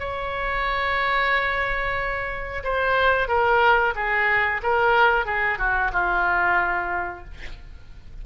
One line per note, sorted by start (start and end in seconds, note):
0.00 2.64 C#5
2.64 3.28 C5
3.28 3.94 A#4
3.96 4.62 G#4
4.63 5.26 A#4
5.26 5.59 G#4
5.59 5.92 F#4
5.93 7.25 F4